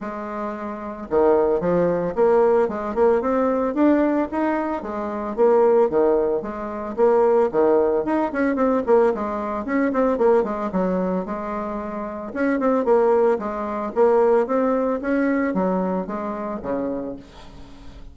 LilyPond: \new Staff \with { instrumentName = "bassoon" } { \time 4/4 \tempo 4 = 112 gis2 dis4 f4 | ais4 gis8 ais8 c'4 d'4 | dis'4 gis4 ais4 dis4 | gis4 ais4 dis4 dis'8 cis'8 |
c'8 ais8 gis4 cis'8 c'8 ais8 gis8 | fis4 gis2 cis'8 c'8 | ais4 gis4 ais4 c'4 | cis'4 fis4 gis4 cis4 | }